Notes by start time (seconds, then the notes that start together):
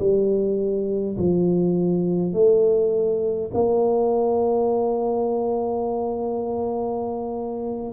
0.00 G3
1.18 F3
2.34 A3
3.54 A#3